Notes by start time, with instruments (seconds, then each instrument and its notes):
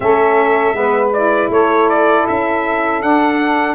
0.00 tuba A3, saxophone C#4 A4, trumpet E5
0.73 tuba G#3, saxophone B3 B4
1.13 saxophone E4, trumpet D5
1.49 tuba A3, saxophone A4, trumpet C#5
1.89 trumpet D5
2.27 tuba C#4, trumpet E5
3.01 saxophone D4, tuba D4, trumpet F#5